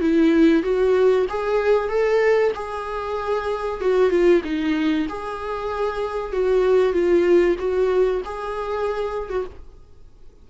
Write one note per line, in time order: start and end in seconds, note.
0.00 0.63 E4
0.63 1.26 F#4
1.29 1.89 G#4
1.89 2.52 A4
2.54 3.80 G#4
3.80 4.10 F#4
4.10 4.41 F4
4.44 5.07 D#4
5.08 6.32 G#4
6.32 6.92 F#4
6.92 7.56 F4
7.58 8.21 F#4
8.24 9.29 G#4
9.29 9.45 F#4